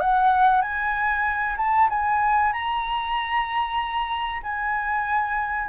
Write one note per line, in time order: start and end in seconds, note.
0.00 0.61 F#5
0.61 1.56 G#5
1.57 1.89 A5
1.89 2.53 G#5
2.53 4.42 A#5
4.43 5.68 G#5